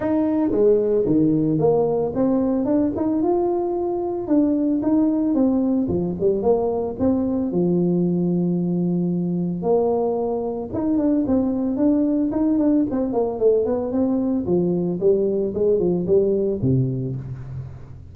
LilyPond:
\new Staff \with { instrumentName = "tuba" } { \time 4/4 \tempo 4 = 112 dis'4 gis4 dis4 ais4 | c'4 d'8 dis'8 f'2 | d'4 dis'4 c'4 f8 g8 | ais4 c'4 f2~ |
f2 ais2 | dis'8 d'8 c'4 d'4 dis'8 d'8 | c'8 ais8 a8 b8 c'4 f4 | g4 gis8 f8 g4 c4 | }